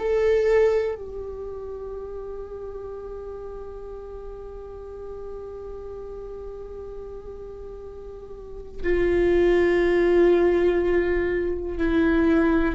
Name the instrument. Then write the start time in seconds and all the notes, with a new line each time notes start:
viola
0.00 A4
0.96 G4
8.84 F4
11.78 E4